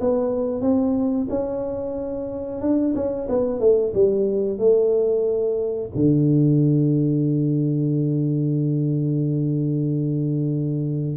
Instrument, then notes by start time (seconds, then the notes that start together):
tuba
0.00 B3
0.61 C4
1.29 C#4
2.61 D4
2.95 C#4
3.28 B3
3.60 A3
3.94 G3
4.58 A3
5.95 D3